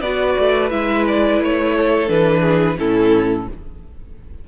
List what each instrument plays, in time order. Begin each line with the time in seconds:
0.00 cello B3, viola F#4, violin B4 D5
0.38 cello A3
0.70 cello G#3, viola E4, violin E5
1.07 violin D5
1.40 cello A3, violin C#5
1.76 violin A4
2.07 cello E3, viola D4, violin B4
2.41 violin G#4
2.78 cello A2, viola C#4, violin E4 A4